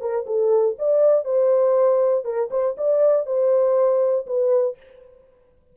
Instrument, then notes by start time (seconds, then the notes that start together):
horn
0.00 A#4
0.26 A4
0.78 D5
1.24 C5
2.24 A#4
2.50 C5
2.77 D5
3.26 C5
4.26 B4